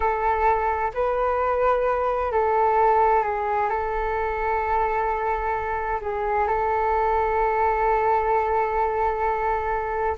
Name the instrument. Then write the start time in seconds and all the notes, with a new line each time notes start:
flute
0.00 A4
0.94 B4
2.32 A4
3.23 G#4
3.69 A4
6.01 G#4
6.47 A4